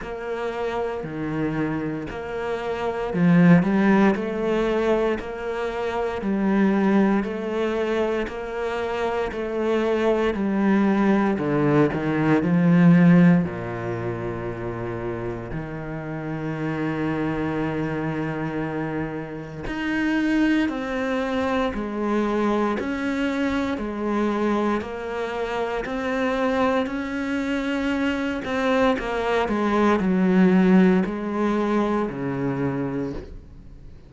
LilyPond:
\new Staff \with { instrumentName = "cello" } { \time 4/4 \tempo 4 = 58 ais4 dis4 ais4 f8 g8 | a4 ais4 g4 a4 | ais4 a4 g4 d8 dis8 | f4 ais,2 dis4~ |
dis2. dis'4 | c'4 gis4 cis'4 gis4 | ais4 c'4 cis'4. c'8 | ais8 gis8 fis4 gis4 cis4 | }